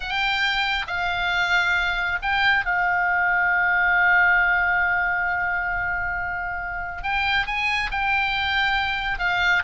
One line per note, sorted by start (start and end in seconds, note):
0.00 0.86 G5
0.87 2.18 F5
2.22 2.65 G5
2.65 7.02 F5
7.02 7.46 G5
7.46 7.90 G#5
7.91 9.19 G5
9.19 9.62 F5